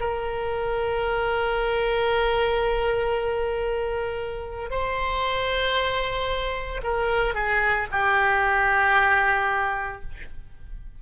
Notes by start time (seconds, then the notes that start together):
0.00 A#4
4.70 C5
6.83 A#4
7.34 G#4
7.91 G4